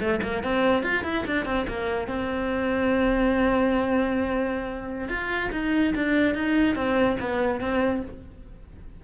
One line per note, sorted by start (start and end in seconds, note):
0.00 0.21 A3
0.23 0.44 A#3
0.44 0.84 C4
0.84 1.04 F4
1.04 1.25 E4
1.27 1.46 D4
1.46 1.67 C4
1.68 2.08 A#3
2.08 5.09 C4
5.09 5.51 F4
5.52 5.94 D#4
5.96 6.35 D4
6.35 6.76 D#4
6.76 7.17 C4
7.20 7.61 B3
7.61 8.03 C4